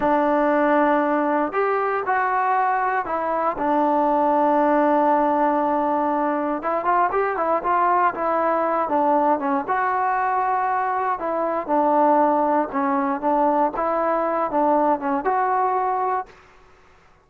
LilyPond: \new Staff \with { instrumentName = "trombone" } { \time 4/4 \tempo 4 = 118 d'2. g'4 | fis'2 e'4 d'4~ | d'1~ | d'4 e'8 f'8 g'8 e'8 f'4 |
e'4. d'4 cis'8 fis'4~ | fis'2 e'4 d'4~ | d'4 cis'4 d'4 e'4~ | e'8 d'4 cis'8 fis'2 | }